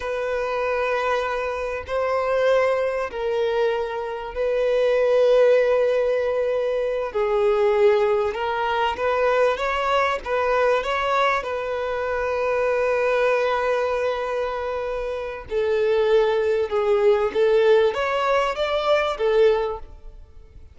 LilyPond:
\new Staff \with { instrumentName = "violin" } { \time 4/4 \tempo 4 = 97 b'2. c''4~ | c''4 ais'2 b'4~ | b'2.~ b'8 gis'8~ | gis'4. ais'4 b'4 cis''8~ |
cis''8 b'4 cis''4 b'4.~ | b'1~ | b'4 a'2 gis'4 | a'4 cis''4 d''4 a'4 | }